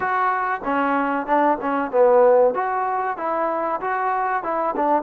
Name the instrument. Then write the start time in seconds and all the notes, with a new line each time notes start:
trombone
0.00 F#4
0.64 C#4
1.26 D4
1.61 C#4
1.91 B3
2.54 F#4
3.17 E4
3.81 F#4
4.43 E4
4.76 D4